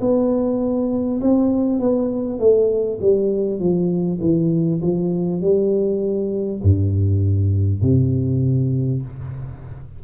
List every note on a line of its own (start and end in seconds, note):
0.00 1.20 B3
1.21 1.79 C4
1.79 2.39 B3
2.39 2.99 A3
3.01 3.59 G3
3.59 4.19 F3
4.20 4.80 E3
4.81 5.41 F3
5.41 6.61 G3
6.62 7.82 G2
7.82 9.02 C3